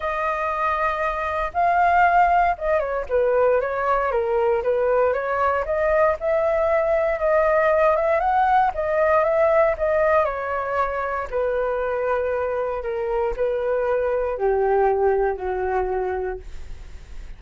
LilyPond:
\new Staff \with { instrumentName = "flute" } { \time 4/4 \tempo 4 = 117 dis''2. f''4~ | f''4 dis''8 cis''8 b'4 cis''4 | ais'4 b'4 cis''4 dis''4 | e''2 dis''4. e''8 |
fis''4 dis''4 e''4 dis''4 | cis''2 b'2~ | b'4 ais'4 b'2 | g'2 fis'2 | }